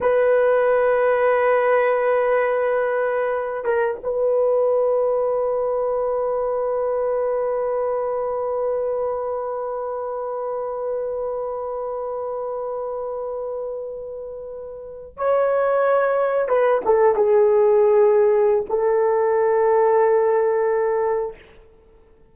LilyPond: \new Staff \with { instrumentName = "horn" } { \time 4/4 \tempo 4 = 90 b'1~ | b'4. ais'8 b'2~ | b'1~ | b'1~ |
b'1~ | b'2~ b'8. cis''4~ cis''16~ | cis''8. b'8 a'8 gis'2~ gis'16 | a'1 | }